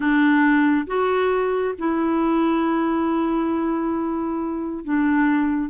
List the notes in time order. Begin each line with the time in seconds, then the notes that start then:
0.00 D4
0.86 F#4
1.78 E4
4.84 D4